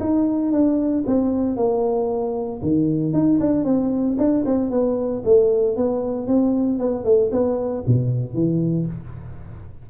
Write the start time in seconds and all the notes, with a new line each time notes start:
0.00 D#4
0.52 D4
1.06 C4
1.56 A#3
2.62 D#3
3.14 D#4
3.40 D4
3.65 C4
4.18 D4
4.45 C4
4.71 B3
5.25 A3
5.77 B3
6.28 C4
6.79 B3
7.05 A3
7.32 B3
7.87 B2
8.34 E3